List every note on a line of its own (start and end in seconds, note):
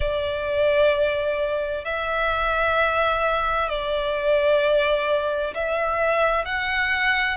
0.00 1.84 D5
1.84 3.69 E5
3.69 5.53 D5
5.54 6.44 E5
6.44 7.37 F#5